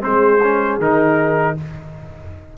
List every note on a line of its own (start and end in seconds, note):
0.00 0.78 G#3
0.00 0.38 C4
0.00 1.55 G#4
0.00 0.78 C5
0.43 0.81 C#4
0.78 1.54 D#3
0.78 1.57 D#4
0.78 1.57 A#4